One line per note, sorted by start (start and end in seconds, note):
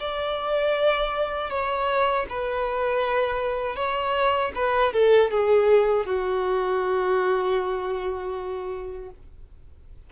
0.00 1.51 D5
1.51 2.26 C#5
2.30 3.76 B4
3.76 4.52 C#5
4.55 4.93 B4
4.93 5.31 A4
5.31 6.06 G#4
6.06 9.10 F#4